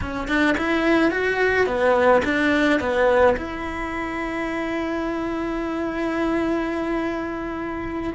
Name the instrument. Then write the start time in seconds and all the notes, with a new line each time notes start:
cello
0.01 C#4
0.28 D4
0.57 E4
1.10 F#4
1.66 B3
2.24 D4
2.80 B3
3.36 E4